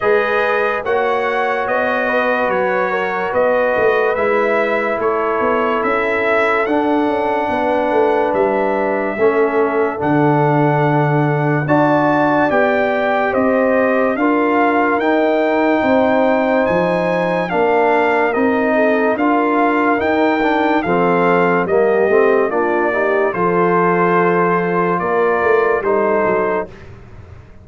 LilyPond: <<
  \new Staff \with { instrumentName = "trumpet" } { \time 4/4 \tempo 4 = 72 dis''4 fis''4 dis''4 cis''4 | dis''4 e''4 cis''4 e''4 | fis''2 e''2 | fis''2 a''4 g''4 |
dis''4 f''4 g''2 | gis''4 f''4 dis''4 f''4 | g''4 f''4 dis''4 d''4 | c''2 d''4 c''4 | }
  \new Staff \with { instrumentName = "horn" } { \time 4/4 b'4 cis''4. b'4 ais'8 | b'2 a'2~ | a'4 b'2 a'4~ | a'2 d''2 |
c''4 ais'2 c''4~ | c''4 ais'4. a'8 ais'4~ | ais'4 a'4 g'4 f'8 g'8 | a'2 ais'4 a'4 | }
  \new Staff \with { instrumentName = "trombone" } { \time 4/4 gis'4 fis'2.~ | fis'4 e'2. | d'2. cis'4 | d'2 fis'4 g'4~ |
g'4 f'4 dis'2~ | dis'4 d'4 dis'4 f'4 | dis'8 d'8 c'4 ais8 c'8 d'8 dis'8 | f'2. dis'4 | }
  \new Staff \with { instrumentName = "tuba" } { \time 4/4 gis4 ais4 b4 fis4 | b8 a8 gis4 a8 b8 cis'4 | d'8 cis'8 b8 a8 g4 a4 | d2 d'4 b4 |
c'4 d'4 dis'4 c'4 | f4 ais4 c'4 d'4 | dis'4 f4 g8 a8 ais4 | f2 ais8 a8 g8 fis8 | }
>>